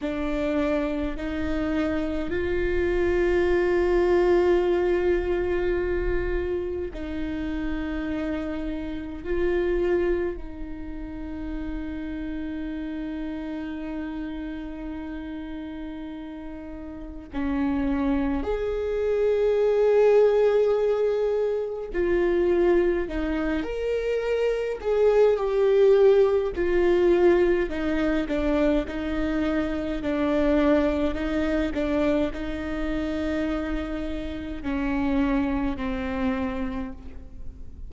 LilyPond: \new Staff \with { instrumentName = "viola" } { \time 4/4 \tempo 4 = 52 d'4 dis'4 f'2~ | f'2 dis'2 | f'4 dis'2.~ | dis'2. cis'4 |
gis'2. f'4 | dis'8 ais'4 gis'8 g'4 f'4 | dis'8 d'8 dis'4 d'4 dis'8 d'8 | dis'2 cis'4 c'4 | }